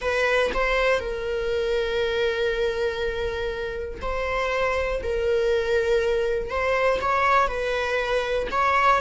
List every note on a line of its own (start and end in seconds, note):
0.01 0.51 B4
0.54 0.99 C5
0.99 3.99 A#4
4.01 5.01 C5
5.02 6.50 A#4
6.50 7.00 C5
7.01 7.47 C#5
7.47 8.47 B4
8.51 9.00 C#5